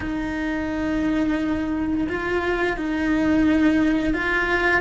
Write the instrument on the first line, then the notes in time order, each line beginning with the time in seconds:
cello
0.00 D#4
2.08 F4
2.76 D#4
4.13 F4